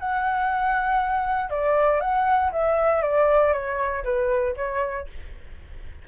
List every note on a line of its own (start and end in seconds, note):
0.00 1.50 F#5
1.50 2.01 D5
2.01 2.51 F#5
2.52 3.02 E5
3.02 3.53 D5
3.53 4.04 C#5
4.04 4.55 B4
4.57 5.08 C#5